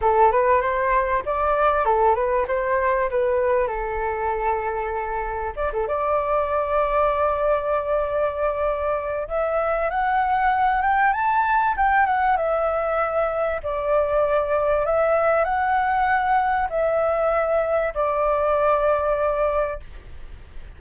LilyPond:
\new Staff \with { instrumentName = "flute" } { \time 4/4 \tempo 4 = 97 a'8 b'8 c''4 d''4 a'8 b'8 | c''4 b'4 a'2~ | a'4 d''16 a'16 d''2~ d''8~ | d''2. e''4 |
fis''4. g''8 a''4 g''8 fis''8 | e''2 d''2 | e''4 fis''2 e''4~ | e''4 d''2. | }